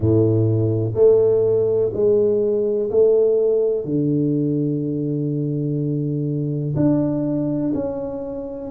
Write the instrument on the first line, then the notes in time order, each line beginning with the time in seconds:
tuba
0.00 A2
0.94 A3
1.93 G#3
2.90 A3
3.84 D3
6.76 D4
7.74 C#4